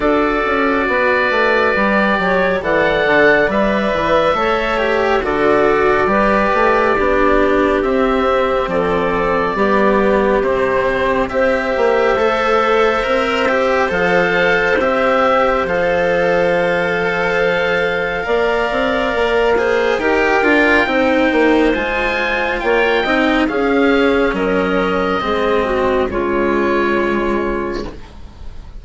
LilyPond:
<<
  \new Staff \with { instrumentName = "oboe" } { \time 4/4 \tempo 4 = 69 d''2. fis''4 | e''2 d''2~ | d''4 e''4 d''2 | c''4 e''2. |
f''4 e''4 f''2~ | f''2. g''4~ | g''4 gis''4 g''4 f''4 | dis''2 cis''2 | }
  \new Staff \with { instrumentName = "clarinet" } { \time 4/4 a'4 b'4. cis''8 d''4~ | d''4 cis''4 a'4 b'4 | g'2 a'4 g'4~ | g'4 c''2.~ |
c''1~ | c''4 d''4. c''8 ais'4 | c''2 cis''8 dis''8 gis'4 | ais'4 gis'8 fis'8 f'2 | }
  \new Staff \with { instrumentName = "cello" } { \time 4/4 fis'2 g'4 a'4 | b'4 a'8 g'8 fis'4 g'4 | d'4 c'2 b4 | c'4 g'4 a'4 ais'8 g'8 |
a'4 g'4 a'2~ | a'4 ais'4. gis'8 g'8 f'8 | dis'4 f'4. dis'8 cis'4~ | cis'4 c'4 gis2 | }
  \new Staff \with { instrumentName = "bassoon" } { \time 4/4 d'8 cis'8 b8 a8 g8 fis8 e8 d8 | g8 e8 a4 d4 g8 a8 | b4 c'4 f4 g4 | c4 c'8 ais8 a4 c'4 |
f4 c'4 f2~ | f4 ais8 c'8 ais4 dis'8 d'8 | c'8 ais8 gis4 ais8 c'8 cis'4 | fis4 gis4 cis2 | }
>>